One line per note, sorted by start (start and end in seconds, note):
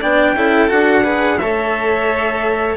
0.00 0.34 B3
0.00 0.36 D4
0.00 0.34 D5
0.00 0.70 G5
0.34 0.69 C#4
0.34 0.68 E4
0.34 1.03 A4
0.68 1.40 D4
0.68 1.02 F#4
0.68 1.38 F#5
1.03 1.38 G#4
1.03 1.38 B4
1.38 2.76 A3
1.38 2.76 A4
1.38 2.76 C#5
1.38 2.76 E5